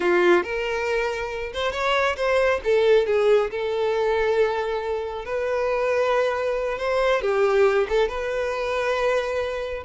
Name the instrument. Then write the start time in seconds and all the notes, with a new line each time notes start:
violin
0.00 F4
0.43 A#4
1.53 C5
1.72 C#5
2.16 C5
2.63 A4
3.06 G#4
3.50 A4
5.25 B4
6.78 C5
7.21 G4
7.88 A4
8.08 B4